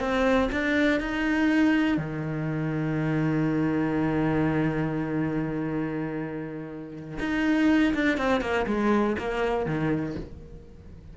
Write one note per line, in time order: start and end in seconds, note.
0.00 0.50 C4
0.52 1.01 D4
1.01 1.98 D#4
1.98 7.18 D#3
7.20 7.94 D#4
7.95 8.18 D4
8.18 8.41 C4
8.41 8.66 A#3
8.67 9.17 G#3
9.19 9.66 A#3
9.66 10.16 D#3